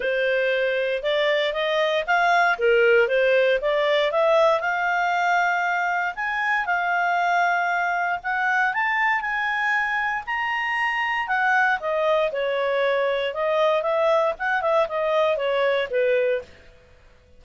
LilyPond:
\new Staff \with { instrumentName = "clarinet" } { \time 4/4 \tempo 4 = 117 c''2 d''4 dis''4 | f''4 ais'4 c''4 d''4 | e''4 f''2. | gis''4 f''2. |
fis''4 a''4 gis''2 | ais''2 fis''4 dis''4 | cis''2 dis''4 e''4 | fis''8 e''8 dis''4 cis''4 b'4 | }